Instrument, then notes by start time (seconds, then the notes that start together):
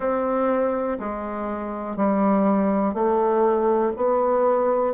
bassoon
0.00 C4
0.99 G#3
1.96 G3
2.93 A3
3.96 B3